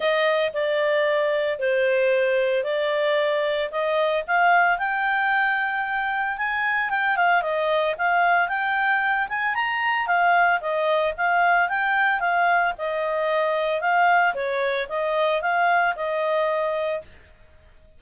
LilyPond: \new Staff \with { instrumentName = "clarinet" } { \time 4/4 \tempo 4 = 113 dis''4 d''2 c''4~ | c''4 d''2 dis''4 | f''4 g''2. | gis''4 g''8 f''8 dis''4 f''4 |
g''4. gis''8 ais''4 f''4 | dis''4 f''4 g''4 f''4 | dis''2 f''4 cis''4 | dis''4 f''4 dis''2 | }